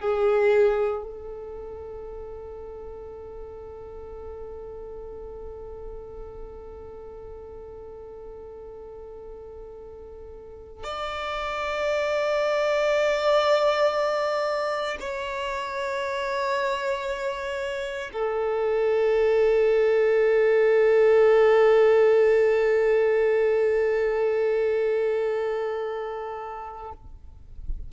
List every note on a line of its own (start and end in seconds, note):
0.00 1.03 G#4
1.03 10.83 A4
10.83 14.97 D5
15.00 18.10 C#5
18.13 26.92 A4